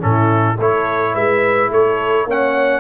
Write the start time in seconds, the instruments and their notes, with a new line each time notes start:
0.00 tuba A2, trombone C#4, horn E4, trumpet A4
0.56 tuba A3, trombone E4, horn A4, trumpet C#5
1.14 tuba G#3, horn B4, trumpet E5
1.70 tuba A3, horn A4, trumpet C#5
2.25 tuba A#3, trombone C#4, horn C#5, trumpet F#5